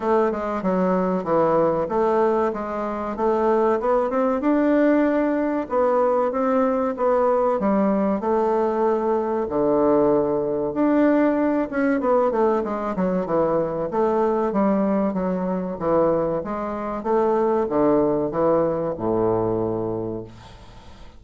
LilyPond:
\new Staff \with { instrumentName = "bassoon" } { \time 4/4 \tempo 4 = 95 a8 gis8 fis4 e4 a4 | gis4 a4 b8 c'8 d'4~ | d'4 b4 c'4 b4 | g4 a2 d4~ |
d4 d'4. cis'8 b8 a8 | gis8 fis8 e4 a4 g4 | fis4 e4 gis4 a4 | d4 e4 a,2 | }